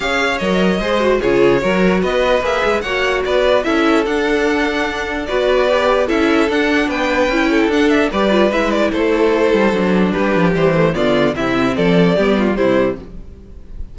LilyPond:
<<
  \new Staff \with { instrumentName = "violin" } { \time 4/4 \tempo 4 = 148 f''4 dis''2 cis''4~ | cis''4 dis''4 e''4 fis''4 | d''4 e''4 fis''2~ | fis''4 d''2 e''4 |
fis''4 g''2 fis''8 e''8 | d''4 e''8 d''8 c''2~ | c''4 b'4 c''4 d''4 | e''4 d''2 c''4 | }
  \new Staff \with { instrumentName = "violin" } { \time 4/4 cis''2 c''4 gis'4 | ais'4 b'2 cis''4 | b'4 a'2.~ | a'4 b'2 a'4~ |
a'4 b'4. a'4. | b'2 a'2~ | a'4 g'2 f'4 | e'4 a'4 g'8 f'8 e'4 | }
  \new Staff \with { instrumentName = "viola" } { \time 4/4 gis'4 ais'4 gis'8 fis'8 f'4 | fis'2 gis'4 fis'4~ | fis'4 e'4 d'2~ | d'4 fis'4 g'4 e'4 |
d'2 e'4 d'4 | g'8 f'8 e'2. | d'2 g8 a8 b4 | c'2 b4 g4 | }
  \new Staff \with { instrumentName = "cello" } { \time 4/4 cis'4 fis4 gis4 cis4 | fis4 b4 ais8 gis8 ais4 | b4 cis'4 d'2~ | d'4 b2 cis'4 |
d'4 b4 cis'4 d'4 | g4 gis4 a4. g8 | fis4 g8 f8 e4 d4 | c4 f4 g4 c4 | }
>>